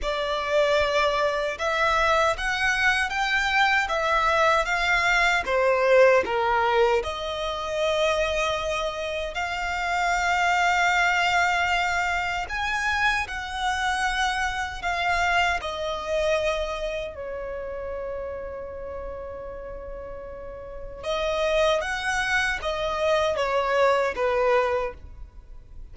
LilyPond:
\new Staff \with { instrumentName = "violin" } { \time 4/4 \tempo 4 = 77 d''2 e''4 fis''4 | g''4 e''4 f''4 c''4 | ais'4 dis''2. | f''1 |
gis''4 fis''2 f''4 | dis''2 cis''2~ | cis''2. dis''4 | fis''4 dis''4 cis''4 b'4 | }